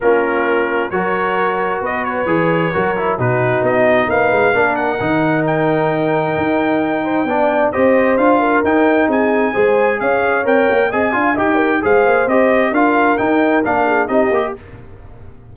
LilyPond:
<<
  \new Staff \with { instrumentName = "trumpet" } { \time 4/4 \tempo 4 = 132 ais'2 cis''2 | dis''8 cis''2~ cis''8 b'4 | dis''4 f''4. fis''4. | g''1~ |
g''4 dis''4 f''4 g''4 | gis''2 f''4 g''4 | gis''4 g''4 f''4 dis''4 | f''4 g''4 f''4 dis''4 | }
  \new Staff \with { instrumentName = "horn" } { \time 4/4 f'2 ais'2 | b'2 ais'4 fis'4~ | fis'4 b'4 ais'2~ | ais'2.~ ais'8 c''8 |
d''4 c''4. ais'4. | gis'4 c''4 cis''2 | dis''8 f''8 dis''8 ais'8 c''2 | ais'2~ ais'8 gis'8 g'4 | }
  \new Staff \with { instrumentName = "trombone" } { \time 4/4 cis'2 fis'2~ | fis'4 gis'4 fis'8 e'8 dis'4~ | dis'2 d'4 dis'4~ | dis'1 |
d'4 g'4 f'4 dis'4~ | dis'4 gis'2 ais'4 | gis'8 f'8 g'4 gis'4 g'4 | f'4 dis'4 d'4 dis'8 g'8 | }
  \new Staff \with { instrumentName = "tuba" } { \time 4/4 ais2 fis2 | b4 e4 fis4 b,4 | b4 ais8 gis8 ais4 dis4~ | dis2 dis'2 |
b4 c'4 d'4 dis'4 | c'4 gis4 cis'4 c'8 ais8 | c'8 d'8 dis'4 gis8 ais8 c'4 | d'4 dis'4 ais4 c'8 ais8 | }
>>